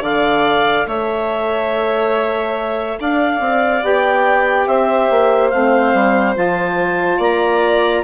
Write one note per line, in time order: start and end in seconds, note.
0.00 0.85 D3
0.00 3.81 A4
0.00 0.86 D5
0.00 0.88 F5
0.86 2.98 A3
0.86 2.98 C#5
0.86 2.99 E5
3.00 3.40 D4
3.00 4.68 D5
3.00 3.84 F5
3.40 3.82 C4
3.81 4.66 B3
3.81 5.50 G4
3.81 4.67 G5
4.66 5.08 C4
4.66 7.18 C5
4.66 5.49 E5
5.10 5.52 A#3
5.49 5.93 A3
5.49 6.35 C4
5.49 6.33 F5
5.93 6.35 G3
6.35 7.18 F3
6.35 8.03 F4
6.35 7.21 A5
7.18 8.03 A#3
7.18 8.02 D5
7.18 8.03 A#5